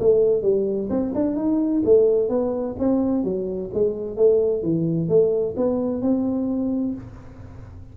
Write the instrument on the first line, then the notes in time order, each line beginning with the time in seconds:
tuba
0.00 A3
0.42 G3
0.90 C4
1.15 D4
1.36 D#4
1.85 A3
2.29 B3
2.79 C4
3.24 F#3
3.74 G#3
4.17 A3
4.63 E3
5.09 A3
5.57 B3
6.02 C4